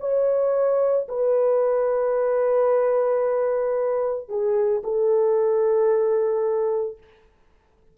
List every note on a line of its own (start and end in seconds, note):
0.00 1.07 C#5
1.08 4.29 B4
4.29 4.82 G#4
4.83 6.98 A4